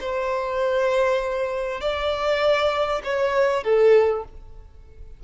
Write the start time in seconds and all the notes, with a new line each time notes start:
0.00 C5
1.81 D5
3.04 C#5
3.64 A4